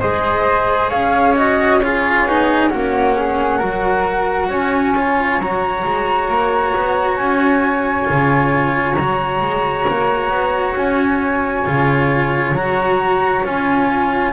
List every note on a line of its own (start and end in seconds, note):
0.00 0.92 G#3
0.00 1.35 G#4
0.00 0.90 C5
0.00 0.90 D#5
0.90 2.25 C#4
0.90 1.79 C#5
0.90 1.35 F5
1.36 1.81 F#4
1.36 1.80 D#5
1.80 2.29 F4
1.80 2.70 G#4
1.80 2.69 C#5
2.25 2.70 B3
2.25 2.71 D#4
2.70 3.62 A#3
2.70 3.60 C#4
2.70 3.14 F#4
2.70 4.51 F#5
3.16 3.58 G#4
3.58 4.49 F#3
3.58 4.94 F#4
3.58 4.48 A#4
4.49 5.38 C#4
4.49 14.33 C#5
4.49 5.41 G#5
4.97 5.41 F4
5.38 5.83 F#3
5.38 8.05 F#4
5.38 7.17 A#5
5.85 6.29 G#3
6.29 6.74 A#3
6.76 7.18 B3
7.17 8.08 C#4
7.17 8.94 G#5
8.05 8.96 C#3
8.05 8.95 F4
8.94 9.41 F#3
8.94 11.66 F#4
8.94 10.73 A#5
9.41 9.86 G#3
9.89 10.30 A#3
10.30 10.74 B3
10.76 11.65 C#4
10.76 12.55 G#5
11.66 12.52 C#3
11.66 12.56 F4
12.52 13.42 F#3
12.52 13.44 F#4
12.52 13.44 A#5
13.44 14.33 C#4
13.44 14.33 F4
13.44 14.33 G#5